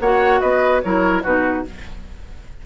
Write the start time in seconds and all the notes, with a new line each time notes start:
0.00 A#3 F#4 C#5 F#5
0.40 B3 B4 D#5
0.82 F#3 E4 A#4 C#5
1.23 B2 D#4 F#4 B4